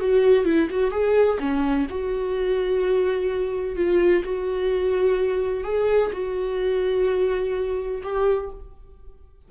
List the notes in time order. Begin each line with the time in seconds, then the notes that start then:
0.00 F#4
0.44 E4
0.70 F#4
0.91 G#4
1.39 C#4
1.90 F#4
3.76 F4
4.24 F#4
5.64 G#4
6.13 F#4
8.03 G4